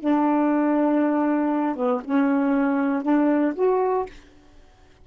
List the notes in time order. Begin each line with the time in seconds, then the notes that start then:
0.00 D4
1.76 B3
2.04 C#4
3.03 D4
3.55 F#4